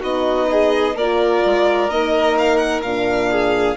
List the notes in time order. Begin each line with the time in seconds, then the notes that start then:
0.00 B3 D#4 F#4 D#5
0.52 G#4
0.96 A#3 F4 A#4 D5
1.46 G#3
1.90 A#3 D#4 D#5
2.39 F5
2.58 F#5
2.83 A#2 D4 F5
3.32 G#4